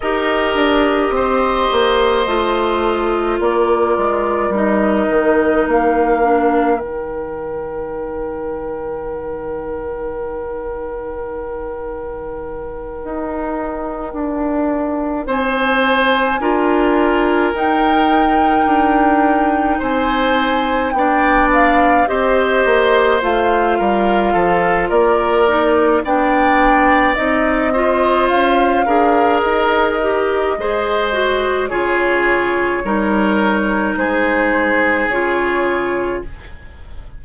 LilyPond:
<<
  \new Staff \with { instrumentName = "flute" } { \time 4/4 \tempo 4 = 53 dis''2. d''4 | dis''4 f''4 g''2~ | g''1~ | g''4. gis''2 g''8~ |
g''4. gis''4 g''8 f''8 dis''8~ | dis''8 f''4. d''4 g''4 | dis''4 f''4 dis''2 | cis''2 c''4 cis''4 | }
  \new Staff \with { instrumentName = "oboe" } { \time 4/4 ais'4 c''2 ais'4~ | ais'1~ | ais'1~ | ais'4. c''4 ais'4.~ |
ais'4. c''4 d''4 c''8~ | c''4 ais'8 a'8 ais'4 d''4~ | d''8 c''4 ais'4. c''4 | gis'4 ais'4 gis'2 | }
  \new Staff \with { instrumentName = "clarinet" } { \time 4/4 g'2 f'2 | dis'4. d'8 dis'2~ | dis'1~ | dis'2~ dis'8 f'4 dis'8~ |
dis'2~ dis'8 d'4 g'8~ | g'8 f'2 dis'8 d'4 | dis'8 f'4 gis'4 g'8 gis'8 fis'8 | f'4 dis'2 f'4 | }
  \new Staff \with { instrumentName = "bassoon" } { \time 4/4 dis'8 d'8 c'8 ais8 a4 ais8 gis8 | g8 dis8 ais4 dis2~ | dis2.~ dis8 dis'8~ | dis'8 d'4 c'4 d'4 dis'8~ |
dis'8 d'4 c'4 b4 c'8 | ais8 a8 g8 f8 ais4 b4 | c'4 cis'8 d'8 dis'4 gis4 | cis4 g4 gis4 cis4 | }
>>